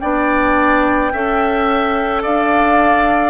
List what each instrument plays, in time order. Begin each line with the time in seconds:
0.00 bassoon B3, clarinet D4, oboe D5, flute G5
1.13 bassoon C#4, clarinet A4, oboe E5
2.23 bassoon D4, oboe D5, flute F5